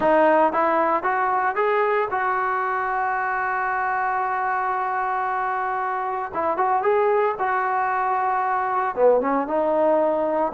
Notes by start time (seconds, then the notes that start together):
0.00 D#4
0.53 E4
1.03 F#4
1.55 G#4
2.11 F#4
6.34 E4
6.57 F#4
6.82 G#4
7.39 F#4
8.95 B3
9.20 C#4
9.47 D#4